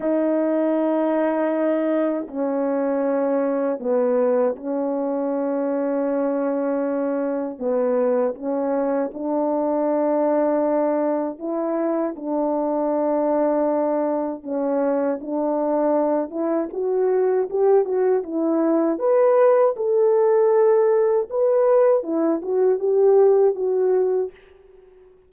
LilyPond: \new Staff \with { instrumentName = "horn" } { \time 4/4 \tempo 4 = 79 dis'2. cis'4~ | cis'4 b4 cis'2~ | cis'2 b4 cis'4 | d'2. e'4 |
d'2. cis'4 | d'4. e'8 fis'4 g'8 fis'8 | e'4 b'4 a'2 | b'4 e'8 fis'8 g'4 fis'4 | }